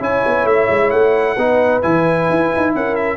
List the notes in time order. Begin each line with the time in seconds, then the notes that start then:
0.00 C#4 E4 C#5 G#5
0.26 B3
0.45 A3 E5
0.69 G#3
0.91 A3 F#5
1.36 B3 D#4 B4
1.82 E3 E4 G#5
2.30 E4
2.56 D#4
2.75 C#4 A#4 F#5
2.95 E5